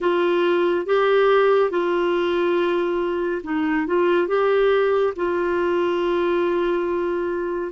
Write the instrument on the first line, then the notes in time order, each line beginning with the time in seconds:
clarinet
0.00 F4
0.86 G4
1.70 F4
3.43 D#4
3.86 F4
4.27 G4
5.16 F4